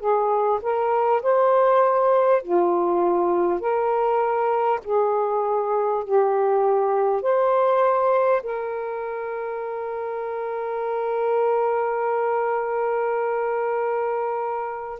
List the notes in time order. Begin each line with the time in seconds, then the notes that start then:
0.00 G#4
0.62 A#4
1.23 C5
2.43 F4
3.60 A#4
4.84 G#4
6.04 G4
7.23 C5
8.43 A#4